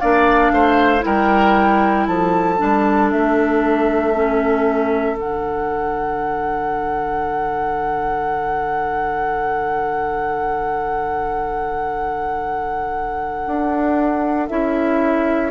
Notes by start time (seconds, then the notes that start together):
0.00 A#3 D4 D5 F5
0.51 A3 C5
1.00 E4 A#4 G5
1.06 G3
2.07 F3 A4 A5
2.58 G3 D4
3.11 A3 E5
4.15 C#4
5.17 D3 D4 F#5
13.46 D4
14.48 C#4 E4 E5